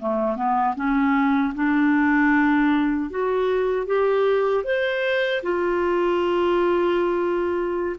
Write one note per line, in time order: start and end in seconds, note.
0.00 0.36 A3
0.36 0.75 B3
0.76 1.54 C#4
1.55 3.10 D4
3.10 3.87 F#4
3.87 4.64 G4
4.64 5.42 C5
5.43 7.96 F4